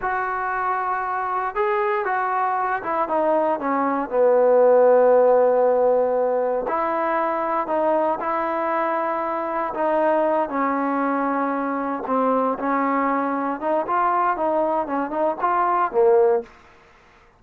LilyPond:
\new Staff \with { instrumentName = "trombone" } { \time 4/4 \tempo 4 = 117 fis'2. gis'4 | fis'4. e'8 dis'4 cis'4 | b1~ | b4 e'2 dis'4 |
e'2. dis'4~ | dis'8 cis'2. c'8~ | c'8 cis'2 dis'8 f'4 | dis'4 cis'8 dis'8 f'4 ais4 | }